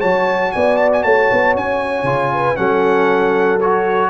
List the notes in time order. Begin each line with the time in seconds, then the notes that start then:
0.00 F#3 F#4 C#5 A5
0.52 B3 D5 G#5
0.77 A5
0.93 G#5
1.04 A3 C#5 A5
1.32 B3
1.56 C#4 G#5
2.04 C#3 F4
2.34 B4
2.56 F#3 C#4 A4 F#5
3.61 F#4 C#5